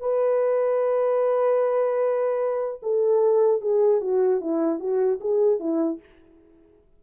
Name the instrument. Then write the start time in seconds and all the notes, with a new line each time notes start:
horn
0.00 B4
2.83 A4
3.61 G#4
4.01 F#4
4.41 E4
4.80 F#4
5.21 G#4
5.59 E4